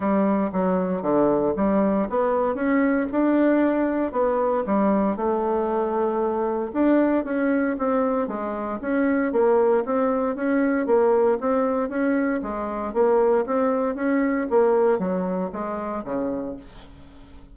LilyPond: \new Staff \with { instrumentName = "bassoon" } { \time 4/4 \tempo 4 = 116 g4 fis4 d4 g4 | b4 cis'4 d'2 | b4 g4 a2~ | a4 d'4 cis'4 c'4 |
gis4 cis'4 ais4 c'4 | cis'4 ais4 c'4 cis'4 | gis4 ais4 c'4 cis'4 | ais4 fis4 gis4 cis4 | }